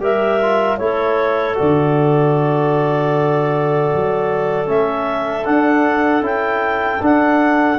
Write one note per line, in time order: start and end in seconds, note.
0.00 0.78 G3
0.00 0.40 G4
0.00 0.79 A#4
0.00 0.78 E5
0.42 0.79 F4
0.78 1.58 A3
0.78 1.55 E4
0.78 7.80 A4
0.78 1.56 C#5
1.55 4.66 F#4
1.55 4.69 D5
1.61 3.94 D3
3.94 4.69 F#3
4.66 5.47 A3
4.66 5.44 C#4
4.66 5.46 E5
5.46 6.22 D4
5.46 6.21 D4
5.46 6.24 F#5
6.21 6.99 C#4
6.21 7.00 E4
6.21 7.04 G5
7.02 7.80 D4
7.02 7.80 F#5